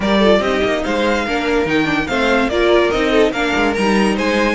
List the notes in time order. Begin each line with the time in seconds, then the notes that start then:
0.00 G3 G4 A#4 D5
0.18 F4 A4
0.39 C4 G4 D#5
0.45 D#4
0.63 A#3
0.83 G#3 C5 F5
1.25 A#3 D4 A#4
1.65 D#3 D#4 G5
1.84 D4
2.07 A3 C4 C5 F5
2.47 A#3 F4 A#4 D5
2.90 C4 D#4 D#5
3.10 A4
3.31 A#3 D4 A#4 F5
3.55 G#3
3.73 G3 D#4 A#5
4.14 G#3 C5 G#5